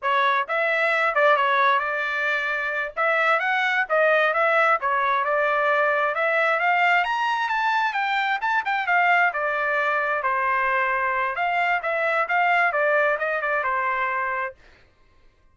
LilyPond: \new Staff \with { instrumentName = "trumpet" } { \time 4/4 \tempo 4 = 132 cis''4 e''4. d''8 cis''4 | d''2~ d''8 e''4 fis''8~ | fis''8 dis''4 e''4 cis''4 d''8~ | d''4. e''4 f''4 ais''8~ |
ais''8 a''4 g''4 a''8 g''8 f''8~ | f''8 d''2 c''4.~ | c''4 f''4 e''4 f''4 | d''4 dis''8 d''8 c''2 | }